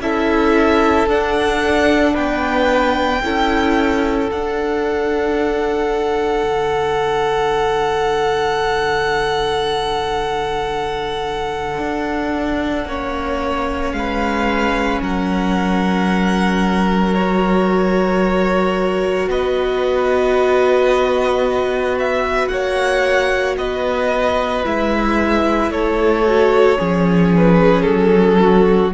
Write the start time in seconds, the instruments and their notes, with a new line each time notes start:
0.00 cello C#4, viola E4, violin A4 E5
1.08 cello D4, viola D4, violin F#5
2.14 cello B3, violin B4 G5
3.23 cello C#4, viola E4, violin A4
4.30 viola D4, cello D4, violin F#5
6.43 cello D3
11.79 cello D4
12.86 cello A#3, viola C#4, violin C#5
13.92 cello G#3, violin F5
13.98 violin B4
15.02 cello F#3, violin A#4 F#5
17.15 viola F#4, violin C#5
19.28 cello B3, violin B4 D#5
21.99 violin E5
22.48 cello A#3, violin C#5 F#5
23.58 cello B3, violin B4 D#5
24.64 cello G#3, viola E4, violin E5
25.70 cello A3, violin A4 C#5
26.26 viola F#4
26.78 cello F3, viola C#4, violin G#4
27.37 violin B4
27.83 cello F#3, violin A4
28.41 violin F#4